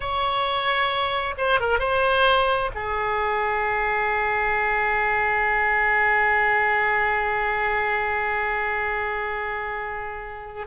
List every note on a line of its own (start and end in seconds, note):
0.00 1.34 C#5
1.37 1.60 C5
1.60 1.79 A#4
1.79 2.70 C5
2.74 10.67 G#4